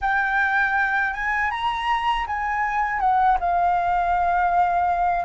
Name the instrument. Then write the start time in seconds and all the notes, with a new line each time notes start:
flute
0.01 G5
1.13 G#5
1.50 A#5
2.26 G#5
3.00 F#5
3.40 F5